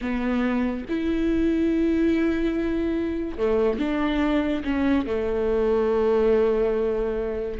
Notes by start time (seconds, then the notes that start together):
0.01 B3
0.88 E4
3.37 A3
3.78 D4
4.64 C#4
5.06 A3